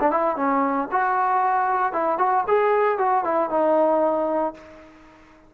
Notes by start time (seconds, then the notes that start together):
0.00 D4
0.11 E4
0.36 C#4
0.92 F#4
1.93 E4
2.18 F#4
2.48 G#4
2.98 F#4
3.24 E4
3.50 D#4